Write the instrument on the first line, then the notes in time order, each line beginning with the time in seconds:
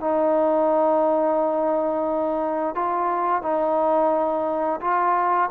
trombone
0.00 D#4
2.75 F4
3.42 D#4
4.81 F4